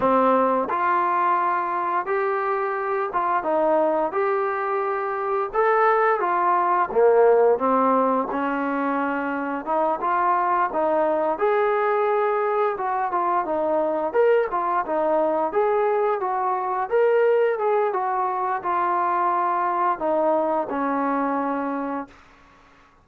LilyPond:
\new Staff \with { instrumentName = "trombone" } { \time 4/4 \tempo 4 = 87 c'4 f'2 g'4~ | g'8 f'8 dis'4 g'2 | a'4 f'4 ais4 c'4 | cis'2 dis'8 f'4 dis'8~ |
dis'8 gis'2 fis'8 f'8 dis'8~ | dis'8 ais'8 f'8 dis'4 gis'4 fis'8~ | fis'8 ais'4 gis'8 fis'4 f'4~ | f'4 dis'4 cis'2 | }